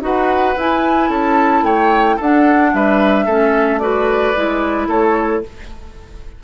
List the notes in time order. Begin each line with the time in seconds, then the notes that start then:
0.00 D#4 F#4 B4 F#5
0.56 E4 G#5
1.09 C#4 A4 A5
1.62 A3 C#5 G5
2.16 D4 A4 F#5
2.73 G3 B4 E5
3.25 A3 C#4 A4
3.78 F#4 B4 D5
4.34 G#3 E4
4.87 A3 A4 C#5